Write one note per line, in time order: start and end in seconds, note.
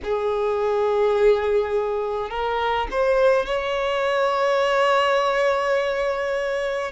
0.03 2.30 G#4
2.30 2.87 A#4
2.91 3.46 C5
3.46 6.91 C#5